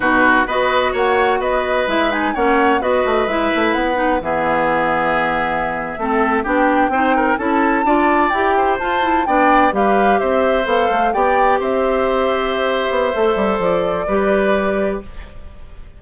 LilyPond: <<
  \new Staff \with { instrumentName = "flute" } { \time 4/4 \tempo 4 = 128 b'4 dis''4 fis''4 dis''4 | e''8 gis''8 fis''4 dis''4 e''4 | fis''4 e''2.~ | e''4.~ e''16 g''2 a''16~ |
a''4.~ a''16 g''4 a''4 g''16~ | g''8. f''4 e''4 f''4 g''16~ | g''8. e''2.~ e''16~ | e''4 d''2. | }
  \new Staff \with { instrumentName = "oboe" } { \time 4/4 fis'4 b'4 cis''4 b'4~ | b'4 cis''4 b'2~ | b'4 gis'2.~ | gis'8. a'4 g'4 c''8 ais'8 a'16~ |
a'8. d''4. c''4. d''16~ | d''8. b'4 c''2 d''16~ | d''8. c''2.~ c''16~ | c''2 b'2 | }
  \new Staff \with { instrumentName = "clarinet" } { \time 4/4 dis'4 fis'2. | e'8 dis'8 cis'4 fis'4 e'4~ | e'8 dis'8 b2.~ | b8. c'4 d'4 dis'4 e'16~ |
e'8. f'4 g'4 f'8 e'8 d'16~ | d'8. g'2 a'4 g'16~ | g'1 | a'2 g'2 | }
  \new Staff \with { instrumentName = "bassoon" } { \time 4/4 b,4 b4 ais4 b4 | gis4 ais4 b8 a8 gis8 a8 | b4 e2.~ | e8. a4 b4 c'4 cis'16~ |
cis'8. d'4 e'4 f'4 b16~ | b8. g4 c'4 b8 a8 b16~ | b8. c'2~ c'8. b8 | a8 g8 f4 g2 | }
>>